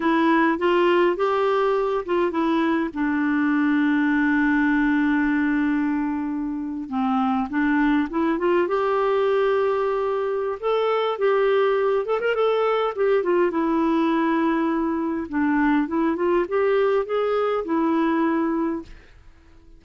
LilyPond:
\new Staff \with { instrumentName = "clarinet" } { \time 4/4 \tempo 4 = 102 e'4 f'4 g'4. f'8 | e'4 d'2.~ | d'2.~ d'8. c'16~ | c'8. d'4 e'8 f'8 g'4~ g'16~ |
g'2 a'4 g'4~ | g'8 a'16 ais'16 a'4 g'8 f'8 e'4~ | e'2 d'4 e'8 f'8 | g'4 gis'4 e'2 | }